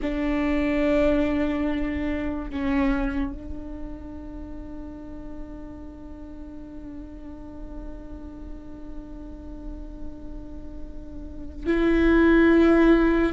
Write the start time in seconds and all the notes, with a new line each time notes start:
0.02 D4
2.50 C#4
3.33 D4
11.66 E4